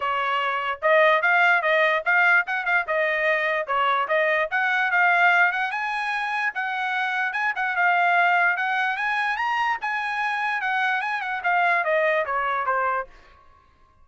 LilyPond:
\new Staff \with { instrumentName = "trumpet" } { \time 4/4 \tempo 4 = 147 cis''2 dis''4 f''4 | dis''4 f''4 fis''8 f''8 dis''4~ | dis''4 cis''4 dis''4 fis''4 | f''4. fis''8 gis''2 |
fis''2 gis''8 fis''8 f''4~ | f''4 fis''4 gis''4 ais''4 | gis''2 fis''4 gis''8 fis''8 | f''4 dis''4 cis''4 c''4 | }